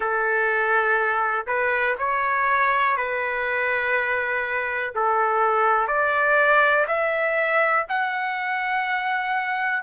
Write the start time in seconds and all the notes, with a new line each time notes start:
0.00 A4
1.47 B4
1.98 C#5
2.96 B4
4.94 A4
5.87 D5
6.87 E5
7.89 F#5